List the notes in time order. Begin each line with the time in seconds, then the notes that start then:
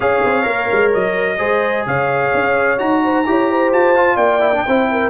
0.00 C#4 G#4 C#5 F5
0.24 C4
0.43 A#3 A#4
0.72 G#3
0.93 F#3 D#5
1.38 G#3 G#4 C5
1.86 C#3 C#5 F5
2.34 C#4
2.77 D#4 F#4 A#5
3.03 C5
3.26 E4 G4 C#5
3.51 C5
3.72 F4 A5
3.95 F4
4.15 A#3 D5 G5
4.40 E4
4.53 D4
4.66 C4 E4 C5
4.91 A#4